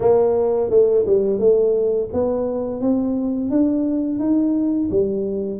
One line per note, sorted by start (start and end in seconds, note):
0.00 0.70 A#3
0.70 1.05 A3
1.06 1.39 G3
1.39 2.09 A3
2.13 2.80 B3
2.80 3.50 C4
3.50 4.19 D4
4.19 4.89 D#4
4.91 5.60 G3